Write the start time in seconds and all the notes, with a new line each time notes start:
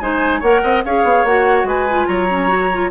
0.00 G#3 D#4 C5 G#5
0.40 A#3 A#4 C#5 F#5
0.63 C4 D#5
0.85 C#4 G#4 C#5 F5
1.04 B3
1.24 A#3 F#4 F#5
1.64 G#3 B4 G#5
1.89 F4
2.07 F#3 C#5 A#5
2.30 C#4
2.48 F#4
2.73 F4